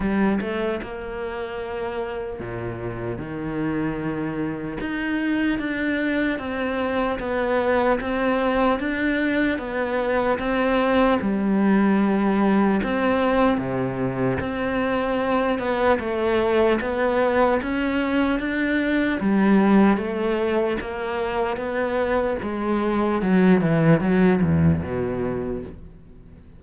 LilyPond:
\new Staff \with { instrumentName = "cello" } { \time 4/4 \tempo 4 = 75 g8 a8 ais2 ais,4 | dis2 dis'4 d'4 | c'4 b4 c'4 d'4 | b4 c'4 g2 |
c'4 c4 c'4. b8 | a4 b4 cis'4 d'4 | g4 a4 ais4 b4 | gis4 fis8 e8 fis8 e,8 b,4 | }